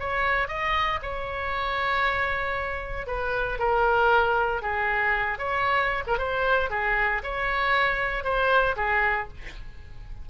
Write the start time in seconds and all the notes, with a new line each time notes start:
0.00 C#5
0.48 D#5
1.03 C#5
3.07 B4
3.59 A#4
4.62 G#4
5.39 C#5
6.07 A#4
6.19 C5
6.71 G#4
7.24 C#5
8.24 C5
8.77 G#4